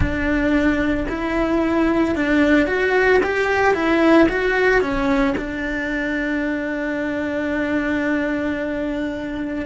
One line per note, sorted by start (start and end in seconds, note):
0.00 1.06 D4
1.09 2.15 E4
2.15 2.66 D4
2.66 3.20 F#4
3.23 3.74 G4
3.74 4.27 E4
4.29 4.81 F#4
4.81 5.34 C#4
5.37 9.65 D4